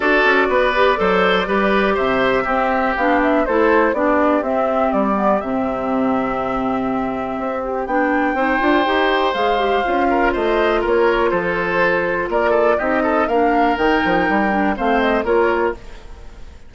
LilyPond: <<
  \new Staff \with { instrumentName = "flute" } { \time 4/4 \tempo 4 = 122 d''1 | e''2 f''8 e''8 c''4 | d''4 e''4 d''4 e''4~ | e''2.~ e''8 g'8 |
g''2. f''4~ | f''4 dis''4 cis''4 c''4~ | c''4 d''4 dis''4 f''4 | g''2 f''8 dis''8 cis''4 | }
  \new Staff \with { instrumentName = "oboe" } { \time 4/4 a'4 b'4 c''4 b'4 | c''4 g'2 a'4 | g'1~ | g'1~ |
g'4 c''2.~ | c''8 ais'8 c''4 ais'4 a'4~ | a'4 ais'8 a'8 g'8 a'8 ais'4~ | ais'2 c''4 ais'4 | }
  \new Staff \with { instrumentName = "clarinet" } { \time 4/4 fis'4. g'8 a'4 g'4~ | g'4 c'4 d'4 e'4 | d'4 c'4. b8 c'4~ | c'1 |
d'4 dis'8 f'8 g'4 gis'8 g'8 | f'1~ | f'2 dis'4 d'4 | dis'4. d'8 c'4 f'4 | }
  \new Staff \with { instrumentName = "bassoon" } { \time 4/4 d'8 cis'8 b4 fis4 g4 | c4 c'4 b4 a4 | b4 c'4 g4 c4~ | c2. c'4 |
b4 c'8 d'8 dis'4 gis4 | cis'4 a4 ais4 f4~ | f4 ais4 c'4 ais4 | dis8 f8 g4 a4 ais4 | }
>>